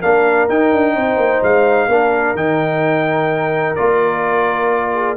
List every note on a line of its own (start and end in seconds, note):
0.00 0.49 A#3
0.00 0.49 D4
0.00 0.94 A#4
0.00 0.48 F5
0.49 0.72 D#4
0.49 1.90 D#4
0.49 1.43 G5
0.72 0.95 D4
0.95 1.17 C4
0.95 1.88 C5
1.17 1.40 A#3
1.43 1.87 G#3
1.43 2.36 F5
1.87 2.34 A#3
1.87 2.36 D4
1.87 4.93 A#4
2.34 3.75 D#3
2.34 3.76 D#4
2.34 3.75 G5
3.75 5.17 A#3
3.75 5.17 F4
3.75 5.16 D5
4.93 5.17 G#4